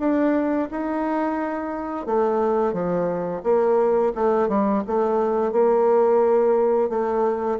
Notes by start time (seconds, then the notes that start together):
0.00 D4
0.71 D#4
2.07 A3
2.73 F3
3.44 A#3
4.15 A3
4.49 G3
4.87 A3
5.52 A#3
6.90 A3